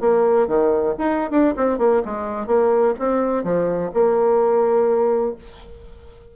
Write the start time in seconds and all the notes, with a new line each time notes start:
0.00 A#3
0.47 D#3
0.98 D#4
1.30 D4
1.57 C4
1.78 A#3
2.05 G#3
2.47 A#3
2.99 C4
3.44 F3
3.93 A#3